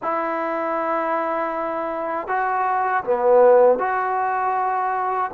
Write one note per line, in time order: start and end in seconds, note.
0.02 2.27 E4
2.27 3.03 F#4
3.03 3.78 B3
3.78 5.30 F#4